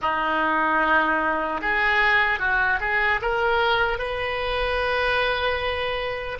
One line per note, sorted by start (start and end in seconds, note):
0.01 1.61 D#4
1.61 2.39 G#4
2.39 2.79 F#4
2.80 3.20 G#4
3.21 3.98 A#4
3.98 6.38 B4